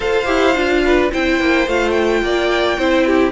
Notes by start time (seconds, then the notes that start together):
0.00 F4 A4 C5 F5
0.25 E4 G4
0.55 D4 F4
0.84 B4
1.11 C4 E4 C5 G5
1.39 A#3
1.66 A3 F4 F5
1.90 G5
2.22 A#3 D5
2.78 C4 E4 C5
3.06 G4